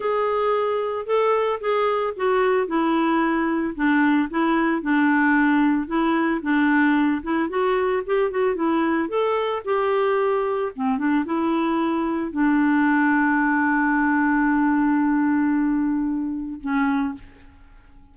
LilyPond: \new Staff \with { instrumentName = "clarinet" } { \time 4/4 \tempo 4 = 112 gis'2 a'4 gis'4 | fis'4 e'2 d'4 | e'4 d'2 e'4 | d'4. e'8 fis'4 g'8 fis'8 |
e'4 a'4 g'2 | c'8 d'8 e'2 d'4~ | d'1~ | d'2. cis'4 | }